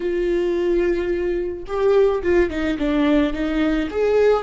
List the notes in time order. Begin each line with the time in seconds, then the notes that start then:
0.00 F4
1.66 G4
2.22 F4
2.49 D#4
2.78 D4
3.33 D#4
3.90 G#4